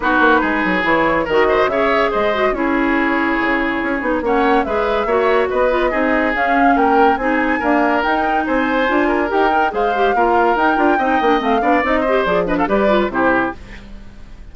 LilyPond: <<
  \new Staff \with { instrumentName = "flute" } { \time 4/4 \tempo 4 = 142 b'2 cis''4 dis''4 | e''4 dis''4 cis''2~ | cis''2 fis''4 e''4~ | e''4 dis''2 f''4 |
g''4 gis''2 g''4 | gis''2 g''4 f''4~ | f''4 g''2 f''4 | dis''4 d''8 dis''16 f''16 d''4 c''4 | }
  \new Staff \with { instrumentName = "oboe" } { \time 4/4 fis'4 gis'2 ais'8 c''8 | cis''4 c''4 gis'2~ | gis'2 cis''4 b'4 | cis''4 b'4 gis'2 |
ais'4 gis'4 ais'2 | c''4. ais'4. c''4 | ais'2 dis''4. d''8~ | d''8 c''4 b'16 a'16 b'4 g'4 | }
  \new Staff \with { instrumentName = "clarinet" } { \time 4/4 dis'2 e'4 fis'4 | gis'4. fis'8 e'2~ | e'4. dis'8 cis'4 gis'4 | fis'4. f'8 dis'4 cis'4~ |
cis'4 dis'4 ais4 dis'4~ | dis'4 f'4 g'8 ais'8 gis'8 g'8 | f'4 dis'8 f'8 dis'8 d'8 c'8 d'8 | dis'8 g'8 gis'8 d'8 g'8 f'8 e'4 | }
  \new Staff \with { instrumentName = "bassoon" } { \time 4/4 b8 ais8 gis8 fis8 e4 dis4 | cis4 gis4 cis'2 | cis4 cis'8 b8 ais4 gis4 | ais4 b4 c'4 cis'4 |
ais4 c'4 d'4 dis'4 | c'4 d'4 dis'4 gis4 | ais4 dis'8 d'8 c'8 ais8 a8 b8 | c'4 f4 g4 c4 | }
>>